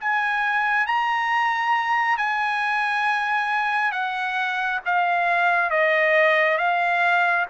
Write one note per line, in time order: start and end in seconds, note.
0.00 0.87 G#5
0.87 2.17 A#5
2.17 3.92 G#5
3.92 4.80 F#5
4.85 5.70 F5
5.70 6.58 D#5
6.58 7.46 F5